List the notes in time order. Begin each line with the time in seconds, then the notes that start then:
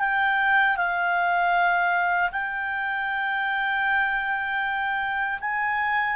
0.00 G5
0.77 F5
2.32 G5
5.41 G#5